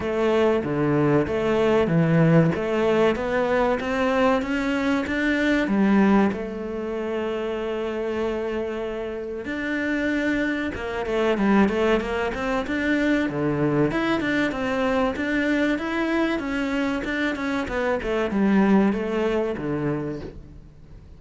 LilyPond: \new Staff \with { instrumentName = "cello" } { \time 4/4 \tempo 4 = 95 a4 d4 a4 e4 | a4 b4 c'4 cis'4 | d'4 g4 a2~ | a2. d'4~ |
d'4 ais8 a8 g8 a8 ais8 c'8 | d'4 d4 e'8 d'8 c'4 | d'4 e'4 cis'4 d'8 cis'8 | b8 a8 g4 a4 d4 | }